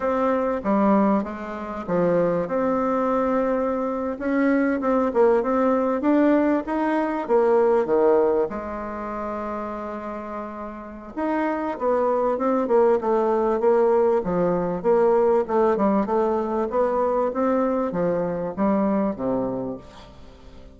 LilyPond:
\new Staff \with { instrumentName = "bassoon" } { \time 4/4 \tempo 4 = 97 c'4 g4 gis4 f4 | c'2~ c'8. cis'4 c'16~ | c'16 ais8 c'4 d'4 dis'4 ais16~ | ais8. dis4 gis2~ gis16~ |
gis2 dis'4 b4 | c'8 ais8 a4 ais4 f4 | ais4 a8 g8 a4 b4 | c'4 f4 g4 c4 | }